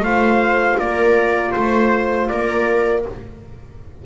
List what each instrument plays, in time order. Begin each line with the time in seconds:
0.00 double bass A3, horn F4, viola C5, trumpet F5
0.78 double bass A#3, viola A#4, trumpet D5
1.52 double bass A3, trumpet C5, viola C5
2.29 double bass A#3, viola A#4, trumpet D5